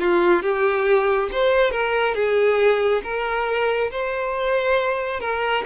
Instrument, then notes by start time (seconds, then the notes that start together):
violin
0.00 F4
0.43 G4
1.32 C5
1.72 A#4
2.15 G#4
3.04 A#4
3.91 C5
5.21 A#4